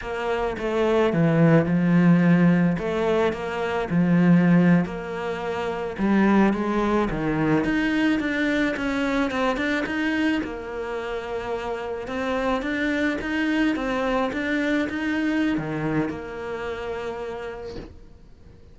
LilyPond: \new Staff \with { instrumentName = "cello" } { \time 4/4 \tempo 4 = 108 ais4 a4 e4 f4~ | f4 a4 ais4 f4~ | f8. ais2 g4 gis16~ | gis8. dis4 dis'4 d'4 cis'16~ |
cis'8. c'8 d'8 dis'4 ais4~ ais16~ | ais4.~ ais16 c'4 d'4 dis'16~ | dis'8. c'4 d'4 dis'4~ dis'16 | dis4 ais2. | }